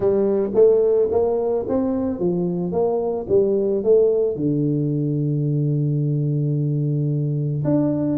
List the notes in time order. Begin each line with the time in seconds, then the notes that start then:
0.00 G3
0.54 A3
1.11 A#3
1.68 C4
2.19 F3
2.71 A#3
3.29 G3
3.83 A3
4.36 D3
7.64 D4